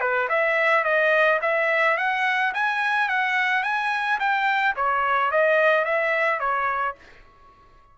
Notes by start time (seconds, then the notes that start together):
0.00 B4
0.29 E5
0.84 D#5
1.42 E5
1.97 F#5
2.54 G#5
3.09 F#5
3.63 G#5
4.19 G5
4.76 C#5
5.31 D#5
5.85 E5
6.39 C#5